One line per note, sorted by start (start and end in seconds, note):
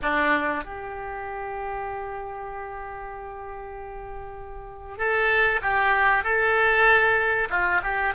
0.02 0.64 D4
0.64 4.97 G4
4.97 5.60 A4
5.62 6.23 G4
6.23 7.48 A4
7.50 7.81 F4
7.83 8.14 G4